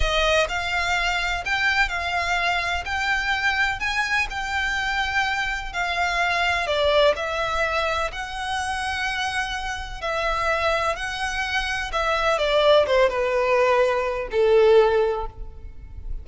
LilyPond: \new Staff \with { instrumentName = "violin" } { \time 4/4 \tempo 4 = 126 dis''4 f''2 g''4 | f''2 g''2 | gis''4 g''2. | f''2 d''4 e''4~ |
e''4 fis''2.~ | fis''4 e''2 fis''4~ | fis''4 e''4 d''4 c''8 b'8~ | b'2 a'2 | }